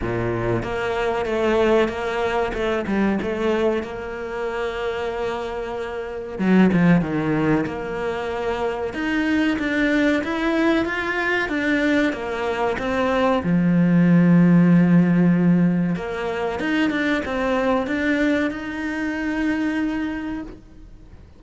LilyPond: \new Staff \with { instrumentName = "cello" } { \time 4/4 \tempo 4 = 94 ais,4 ais4 a4 ais4 | a8 g8 a4 ais2~ | ais2 fis8 f8 dis4 | ais2 dis'4 d'4 |
e'4 f'4 d'4 ais4 | c'4 f2.~ | f4 ais4 dis'8 d'8 c'4 | d'4 dis'2. | }